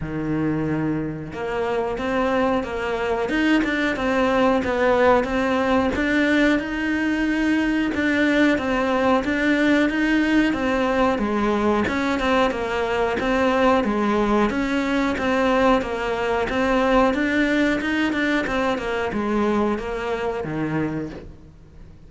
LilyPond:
\new Staff \with { instrumentName = "cello" } { \time 4/4 \tempo 4 = 91 dis2 ais4 c'4 | ais4 dis'8 d'8 c'4 b4 | c'4 d'4 dis'2 | d'4 c'4 d'4 dis'4 |
c'4 gis4 cis'8 c'8 ais4 | c'4 gis4 cis'4 c'4 | ais4 c'4 d'4 dis'8 d'8 | c'8 ais8 gis4 ais4 dis4 | }